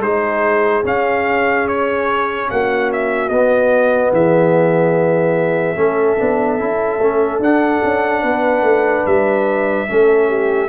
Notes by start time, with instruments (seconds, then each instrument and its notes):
0.00 tuba G#3, trombone D#4, horn G#4, trumpet C5
0.83 trombone C#4, tuba C#4, trumpet F5
1.67 trumpet C#5
2.50 tuba A#3, horn F#4, trumpet F#5
2.92 trumpet E5
3.29 tuba B3, trombone B3, trumpet D#5
4.12 tuba E3, horn G#4, trumpet E5
5.76 tuba A3, trombone C#4, horn A4
6.18 tuba B3, trombone D4
6.58 tuba C#4, trombone E4
6.99 tuba A3, trombone C#4
7.39 tuba D4, trombone D4, trumpet F#5
7.83 tuba C#4
8.22 tuba B3, horn B4
8.62 tuba A3
9.06 tuba G3, trumpet E5
9.88 tuba A3, trombone C#4, horn A4
10.28 horn G4